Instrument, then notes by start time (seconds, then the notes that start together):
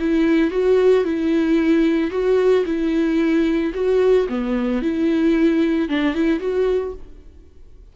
viola
0.00 E4
0.51 F#4
1.05 E4
2.11 F#4
2.66 E4
3.74 F#4
4.29 B3
4.82 E4
5.89 D4
6.15 E4
6.40 F#4